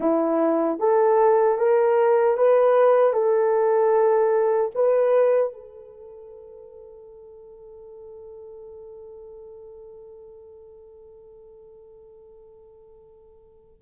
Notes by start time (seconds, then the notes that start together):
0.00 E4
0.79 A4
1.58 A#4
2.37 B4
3.13 A4
4.74 B4
5.53 A4